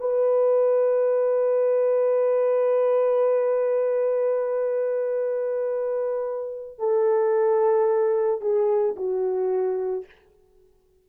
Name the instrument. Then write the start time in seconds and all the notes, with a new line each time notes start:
horn
0.00 B4
6.79 A4
8.41 G#4
8.97 F#4